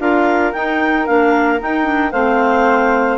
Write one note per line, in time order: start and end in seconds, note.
0.00 0.54 D4
0.00 0.54 F4
0.00 2.12 A#4
0.00 0.53 F5
0.53 1.07 D#4
0.53 1.08 D#4
0.53 1.07 G5
1.07 1.62 A#3
1.07 1.59 D4
1.07 1.60 F5
1.59 1.84 D#4
1.59 2.13 D#4
1.59 2.12 G5
1.84 2.10 D4
2.12 3.19 A3
2.12 3.19 C4
2.12 3.19 C5
2.12 3.19 F5